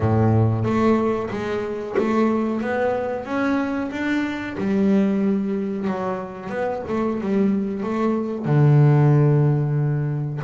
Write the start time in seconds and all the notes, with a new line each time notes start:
0.00 A2
0.64 A3
1.30 G#3
1.97 A3
2.61 B3
3.25 C#4
3.91 D4
4.57 G3
5.87 F#3
6.49 B3
6.88 A3
7.20 G3
7.83 A3
8.45 D3